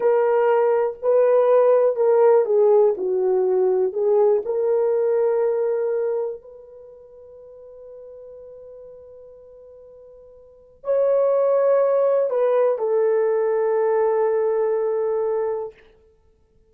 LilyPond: \new Staff \with { instrumentName = "horn" } { \time 4/4 \tempo 4 = 122 ais'2 b'2 | ais'4 gis'4 fis'2 | gis'4 ais'2.~ | ais'4 b'2.~ |
b'1~ | b'2 cis''2~ | cis''4 b'4 a'2~ | a'1 | }